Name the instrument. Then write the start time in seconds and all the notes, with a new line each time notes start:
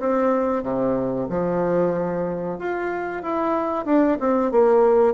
bassoon
0.00 C4
0.63 C3
1.30 F3
2.59 F4
3.23 E4
3.85 D4
4.20 C4
4.52 A#3